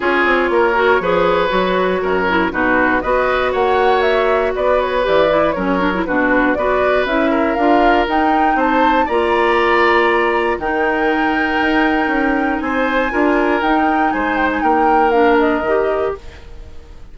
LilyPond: <<
  \new Staff \with { instrumentName = "flute" } { \time 4/4 \tempo 4 = 119 cis''1~ | cis''4 b'4 dis''4 fis''4 | e''4 d''8 cis''8 d''4 cis''4 | b'4 d''4 e''4 f''4 |
g''4 a''4 ais''2~ | ais''4 g''2.~ | g''4 gis''2 g''4 | gis''8 g''16 gis''16 g''4 f''8 dis''4. | }
  \new Staff \with { instrumentName = "oboe" } { \time 4/4 gis'4 ais'4 b'2 | ais'4 fis'4 b'4 cis''4~ | cis''4 b'2 ais'4 | fis'4 b'4. ais'4.~ |
ais'4 c''4 d''2~ | d''4 ais'2.~ | ais'4 c''4 ais'2 | c''4 ais'2. | }
  \new Staff \with { instrumentName = "clarinet" } { \time 4/4 f'4. fis'8 gis'4 fis'4~ | fis'8 e'8 dis'4 fis'2~ | fis'2 g'8 e'8 cis'8 d'16 e'16 | d'4 fis'4 e'4 f'4 |
dis'2 f'2~ | f'4 dis'2.~ | dis'2 f'4 dis'4~ | dis'2 d'4 g'4 | }
  \new Staff \with { instrumentName = "bassoon" } { \time 4/4 cis'8 c'8 ais4 f4 fis4 | fis,4 b,4 b4 ais4~ | ais4 b4 e4 fis4 | b,4 b4 cis'4 d'4 |
dis'4 c'4 ais2~ | ais4 dis2 dis'4 | cis'4 c'4 d'4 dis'4 | gis4 ais2 dis4 | }
>>